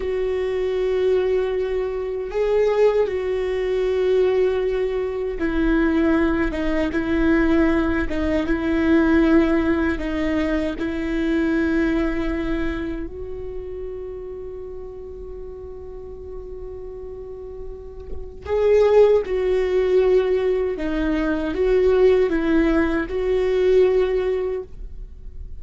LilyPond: \new Staff \with { instrumentName = "viola" } { \time 4/4 \tempo 4 = 78 fis'2. gis'4 | fis'2. e'4~ | e'8 dis'8 e'4. dis'8 e'4~ | e'4 dis'4 e'2~ |
e'4 fis'2.~ | fis'1 | gis'4 fis'2 dis'4 | fis'4 e'4 fis'2 | }